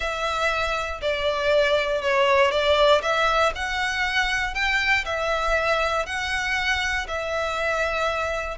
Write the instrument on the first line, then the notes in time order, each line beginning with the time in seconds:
violin
0.00 E5
1.01 D5
2.02 C#5
2.51 D5
3.02 E5
3.55 F#5
4.54 G5
5.05 E5
6.05 F#5
7.07 E5